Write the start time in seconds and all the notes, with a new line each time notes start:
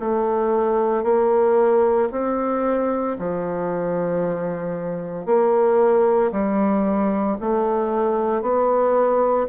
0.00 A3
1.04 A#3
2.12 C4
3.19 F3
5.26 A#3
6.32 G3
7.41 A3
8.42 B3